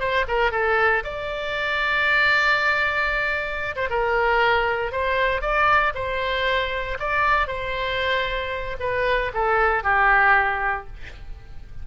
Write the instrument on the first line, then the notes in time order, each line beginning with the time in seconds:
oboe
0.00 C5
0.28 A#4
0.52 A4
1.04 D5
3.76 C5
3.90 A#4
4.92 C5
5.42 D5
5.95 C5
7.00 D5
7.48 C5
8.80 B4
9.34 A4
9.84 G4